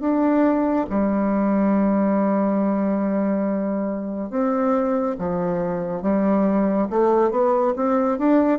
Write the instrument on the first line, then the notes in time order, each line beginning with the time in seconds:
bassoon
0.00 D4
0.90 G3
4.30 C4
5.18 F3
6.02 G3
6.90 A3
7.31 B3
7.76 C4
8.18 D4